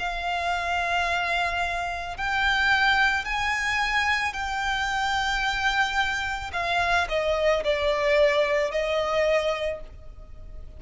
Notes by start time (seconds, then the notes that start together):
0.00 F5
2.18 G5
3.25 G#5
4.34 G5
6.54 F5
7.10 D#5
7.65 D5
8.72 D#5